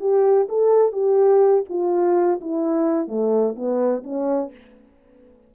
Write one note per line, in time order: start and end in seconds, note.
0.00 0.48 G4
0.49 0.92 A4
0.92 1.64 G4
1.69 2.40 F4
2.41 3.08 E4
3.08 3.55 A3
3.56 4.03 B3
4.04 4.51 C#4